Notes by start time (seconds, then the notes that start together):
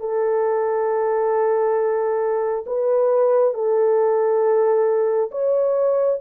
0.00 A4
2.66 B4
3.54 A4
5.31 C#5